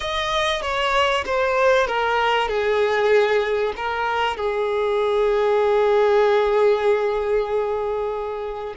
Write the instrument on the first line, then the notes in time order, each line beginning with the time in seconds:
violin
0.00 D#5
0.62 C#5
1.25 C5
1.87 A#4
2.48 G#4
3.76 A#4
4.36 G#4